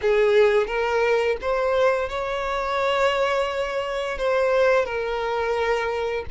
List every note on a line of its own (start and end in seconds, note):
0.01 0.67 G#4
0.67 1.36 A#4
1.41 2.09 C5
2.09 4.18 C#5
4.18 4.85 C5
4.85 6.24 A#4